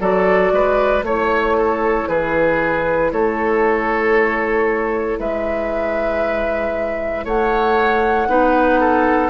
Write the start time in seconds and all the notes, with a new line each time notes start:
0.00 F#3 F#4 A4 D5
0.52 G#3 B4
1.03 A3 E4 C#5
1.57 A4
2.08 E3 G#4 B4
3.12 A3 A4 C#5
5.19 G#3 B4 E5
7.25 A3 C#5 F#5
8.28 B3 D#4 B4
8.80 A4